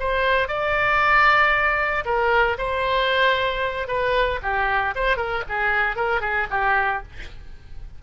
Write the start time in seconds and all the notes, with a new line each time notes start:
0.00 C5
0.48 D5
2.05 A#4
2.58 C5
3.88 B4
4.43 G4
4.95 C5
5.17 A#4
5.49 G#4
5.96 A#4
6.21 G#4
6.51 G4